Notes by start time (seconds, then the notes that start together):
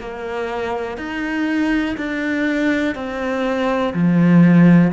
0.00 A#3
0.97 D#4
1.97 D4
2.95 C4
3.93 F3